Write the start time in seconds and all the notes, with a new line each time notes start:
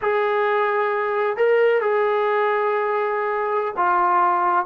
0.01 G#4
1.37 A#4
1.81 G#4
3.76 F4